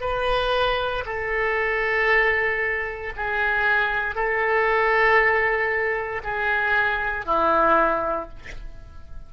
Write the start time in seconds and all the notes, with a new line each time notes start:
0.00 B4
1.05 A4
3.16 G#4
4.15 A4
6.24 G#4
7.26 E4